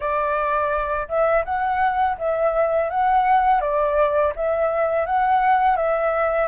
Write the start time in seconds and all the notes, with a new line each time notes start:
0.00 D5
1.08 E5
1.45 F#5
2.18 E5
2.89 F#5
3.60 D5
4.35 E5
5.06 F#5
5.76 E5